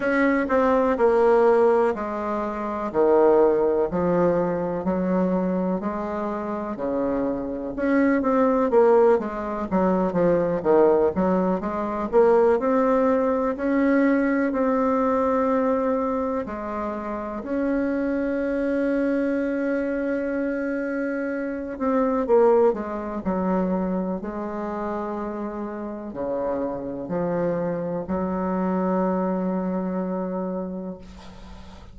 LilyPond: \new Staff \with { instrumentName = "bassoon" } { \time 4/4 \tempo 4 = 62 cis'8 c'8 ais4 gis4 dis4 | f4 fis4 gis4 cis4 | cis'8 c'8 ais8 gis8 fis8 f8 dis8 fis8 | gis8 ais8 c'4 cis'4 c'4~ |
c'4 gis4 cis'2~ | cis'2~ cis'8 c'8 ais8 gis8 | fis4 gis2 cis4 | f4 fis2. | }